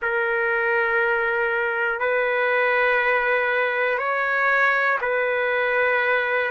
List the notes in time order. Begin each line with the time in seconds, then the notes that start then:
0.01 A#4
2.00 B4
3.98 C#5
5.01 B4